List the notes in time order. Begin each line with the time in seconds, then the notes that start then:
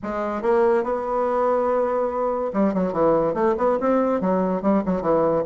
0.02 G#3
0.42 A#3
0.83 B3
2.53 G3
2.73 F#3
2.93 E3
3.34 A3
3.57 B3
3.80 C4
4.21 F#3
4.62 G3
4.85 F#3
5.01 E3